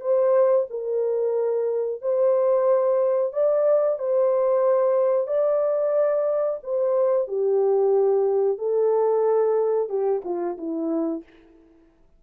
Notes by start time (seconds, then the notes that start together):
0.00 C5
0.70 A#4
2.01 C5
3.33 D5
3.98 C5
5.27 D5
6.63 C5
7.27 G4
8.58 A4
9.89 G4
10.24 F4
10.57 E4